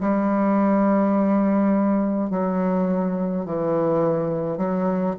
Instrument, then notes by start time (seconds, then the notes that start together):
bassoon
0.00 G3
2.30 F#3
3.45 E3
4.57 F#3